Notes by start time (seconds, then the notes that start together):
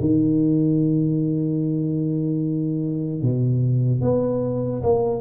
0.00 D#3
3.22 B2
4.01 B3
4.83 A#3